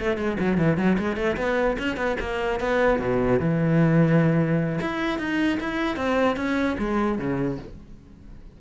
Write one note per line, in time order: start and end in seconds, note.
0.00 0.17 A3
0.17 0.37 G#3
0.40 0.58 F#3
0.58 0.77 E3
0.77 0.97 F#3
0.99 1.17 G#3
1.17 1.37 A3
1.37 1.77 B3
1.79 1.97 C#4
1.97 2.17 B3
2.20 2.60 A#3
2.60 3.00 B3
3.00 3.40 B2
3.40 4.80 E3
4.81 5.19 E4
5.19 5.59 D#4
5.60 5.97 E4
5.97 6.37 C4
6.37 6.77 C#4
6.79 7.19 G#3
7.19 7.59 C#3